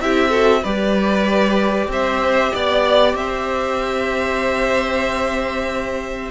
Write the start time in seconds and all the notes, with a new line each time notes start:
0.00 C4 E4 G4 E5
0.29 F#4 A4
0.62 G3 G4 B4 D5
1.88 C4 C5 E5
2.52 B3 D5
3.14 C4 C5 E5